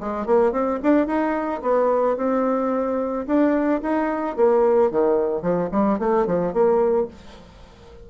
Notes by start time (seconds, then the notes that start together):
0.00 G#3
0.26 A#3
0.52 C4
0.82 D4
1.06 D#4
1.62 B3
2.17 C4
3.27 D4
3.82 D#4
4.36 A#3
4.91 D#3
5.42 F3
5.71 G3
5.99 A3
6.26 F3
6.53 A#3